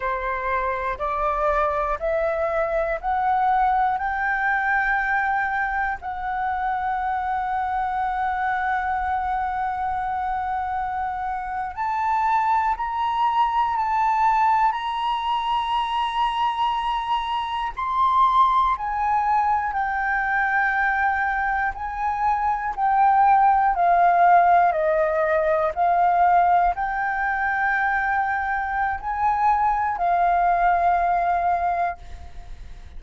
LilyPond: \new Staff \with { instrumentName = "flute" } { \time 4/4 \tempo 4 = 60 c''4 d''4 e''4 fis''4 | g''2 fis''2~ | fis''2.~ fis''8. a''16~ | a''8. ais''4 a''4 ais''4~ ais''16~ |
ais''4.~ ais''16 c'''4 gis''4 g''16~ | g''4.~ g''16 gis''4 g''4 f''16~ | f''8. dis''4 f''4 g''4~ g''16~ | g''4 gis''4 f''2 | }